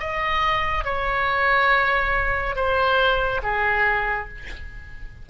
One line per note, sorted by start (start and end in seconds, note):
0.00 0.85 D#5
0.85 2.56 C#5
2.56 3.42 C5
3.43 4.29 G#4